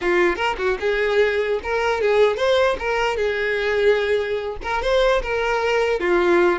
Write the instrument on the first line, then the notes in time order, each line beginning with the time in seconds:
violin
0.01 F4
0.35 A#4
0.57 F#4
0.80 G#4
1.63 A#4
2.01 G#4
2.37 C5
2.79 A#4
3.16 G#4
4.62 A#4
4.82 C5
5.22 A#4
5.99 F4